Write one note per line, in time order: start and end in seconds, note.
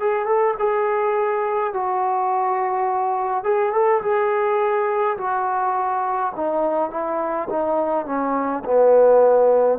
0.00 0.26 G#4
0.26 0.55 A4
0.59 1.74 G#4
1.74 3.44 F#4
3.44 3.73 G#4
3.73 4.02 A4
4.02 5.17 G#4
5.18 6.33 F#4
6.36 6.91 D#4
6.91 7.48 E4
7.49 8.06 D#4
8.06 8.64 C#4
8.65 9.79 B3